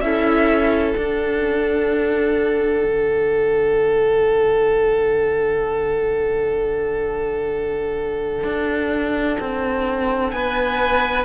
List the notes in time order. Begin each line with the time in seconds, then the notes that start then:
0.00 C#4 E4 A4 E5
0.94 D4 F#5
2.84 D3
8.44 D4
9.40 C4
10.31 B3 B4 G#5